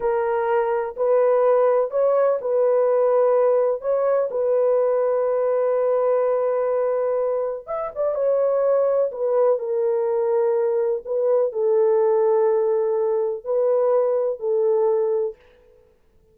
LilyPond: \new Staff \with { instrumentName = "horn" } { \time 4/4 \tempo 4 = 125 ais'2 b'2 | cis''4 b'2. | cis''4 b'2.~ | b'1 |
e''8 d''8 cis''2 b'4 | ais'2. b'4 | a'1 | b'2 a'2 | }